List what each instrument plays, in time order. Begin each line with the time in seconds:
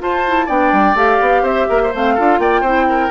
0.00 clarinet F4, bassoon F4, oboe C5, flute A5
0.28 clarinet E4
0.47 bassoon B3, clarinet D4, oboe D5, flute G5
0.72 bassoon G3
0.95 bassoon A3, clarinet G4, flute F5
1.21 bassoon B3
1.43 bassoon C4, oboe C5, flute E5
1.70 bassoon A#3, oboe A#4
1.83 oboe C5
1.95 bassoon A3, clarinet C4, flute F5
2.15 bassoon D4, clarinet F4, oboe A4
2.39 bassoon A#3, oboe D5, flute G5
2.61 bassoon C4, clarinet E4, oboe C5
2.89 oboe A#4